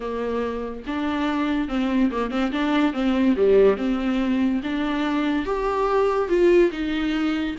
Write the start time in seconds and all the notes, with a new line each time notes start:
0.00 A#3
0.86 D4
1.68 C4
2.11 A#3
2.30 C4
2.52 D4
2.93 C4
3.36 G3
3.77 C4
4.63 D4
5.45 G4
6.28 F4
6.71 D#4